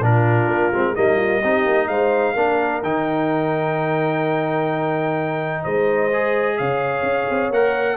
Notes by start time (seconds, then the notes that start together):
0.00 A#2 D4 F4 A#4
0.47 A#3
0.73 G#3 C4
0.95 G3 A#3 D#4 D#5
1.16 F4
1.41 C4 D#4 G4
1.66 A#3
1.88 G#3 C5 F5
2.34 A#3 D4 A#4
2.83 D#3 D#4 G5
5.63 G#3 C5 D#5
6.13 G#4
6.58 C#3 C#5 F5
7.02 C#4
7.30 C4
7.50 A#3 A#4 F#5